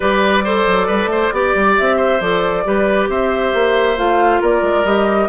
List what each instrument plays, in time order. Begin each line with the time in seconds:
0.00 bassoon G3, clarinet G4, oboe B4, flute D5
0.44 clarinet A4, oboe C5
0.66 bassoon F#3
0.87 bassoon G3, oboe B4
1.06 bassoon A3, oboe C5
1.32 bassoon B3, clarinet G4, oboe D5
1.55 bassoon G3
1.77 bassoon C4, flute E5
1.97 oboe C5
2.20 bassoon F3, clarinet A4, flute D5
2.64 bassoon G3, clarinet G4, oboe B4
3.08 bassoon C4, oboe C5, flute E5
3.53 bassoon A#3
3.97 bassoon A3, clarinet F4, flute F5
4.41 bassoon A#3, oboe A#4, flute D5
4.62 bassoon G#3
4.84 bassoon G3, clarinet G4, flute D#5